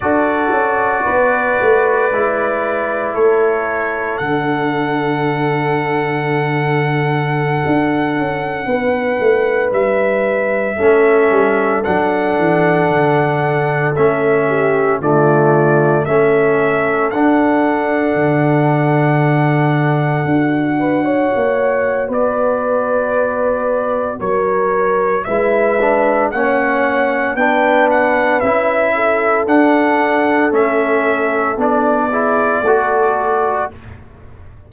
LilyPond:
<<
  \new Staff \with { instrumentName = "trumpet" } { \time 4/4 \tempo 4 = 57 d''2. cis''4 | fis''1~ | fis''4~ fis''16 e''2 fis''8.~ | fis''4~ fis''16 e''4 d''4 e''8.~ |
e''16 fis''2.~ fis''8.~ | fis''4 d''2 cis''4 | e''4 fis''4 g''8 fis''8 e''4 | fis''4 e''4 d''2 | }
  \new Staff \with { instrumentName = "horn" } { \time 4/4 a'4 b'2 a'4~ | a'1~ | a'16 b'2 a'4.~ a'16~ | a'4.~ a'16 g'8 f'4 a'8.~ |
a'2.~ a'8. b'16 | cis''4 b'2 ais'4 | b'4 cis''4 b'4. a'8~ | a'2~ a'8 gis'8 a'4 | }
  \new Staff \with { instrumentName = "trombone" } { \time 4/4 fis'2 e'2 | d'1~ | d'2~ d'16 cis'4 d'8.~ | d'4~ d'16 cis'4 a4 cis'8.~ |
cis'16 d'2. fis'8.~ | fis'1 | e'8 d'8 cis'4 d'4 e'4 | d'4 cis'4 d'8 e'8 fis'4 | }
  \new Staff \with { instrumentName = "tuba" } { \time 4/4 d'8 cis'8 b8 a8 gis4 a4 | d2.~ d16 d'8 cis'16~ | cis'16 b8 a8 g4 a8 g8 fis8 e16~ | e16 d4 a4 d4 a8.~ |
a16 d'4 d2 d'8.~ | d'16 ais8. b2 fis4 | gis4 ais4 b4 cis'4 | d'4 a4 b4 a4 | }
>>